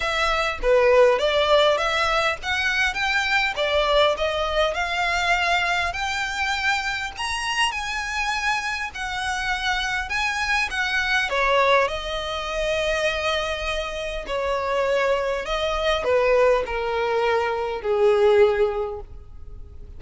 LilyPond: \new Staff \with { instrumentName = "violin" } { \time 4/4 \tempo 4 = 101 e''4 b'4 d''4 e''4 | fis''4 g''4 d''4 dis''4 | f''2 g''2 | ais''4 gis''2 fis''4~ |
fis''4 gis''4 fis''4 cis''4 | dis''1 | cis''2 dis''4 b'4 | ais'2 gis'2 | }